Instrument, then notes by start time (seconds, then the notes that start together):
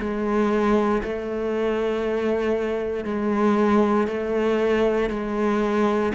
cello
0.00 G#3
1.03 A3
3.05 G#3
4.08 A3
5.10 G#3